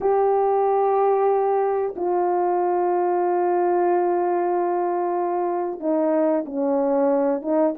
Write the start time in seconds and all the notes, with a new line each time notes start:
0.00 G4
1.95 F4
5.79 D#4
6.45 C#4
7.42 D#4